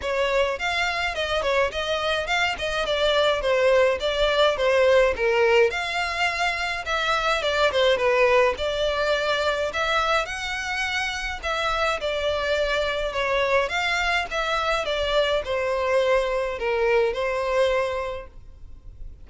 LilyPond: \new Staff \with { instrumentName = "violin" } { \time 4/4 \tempo 4 = 105 cis''4 f''4 dis''8 cis''8 dis''4 | f''8 dis''8 d''4 c''4 d''4 | c''4 ais'4 f''2 | e''4 d''8 c''8 b'4 d''4~ |
d''4 e''4 fis''2 | e''4 d''2 cis''4 | f''4 e''4 d''4 c''4~ | c''4 ais'4 c''2 | }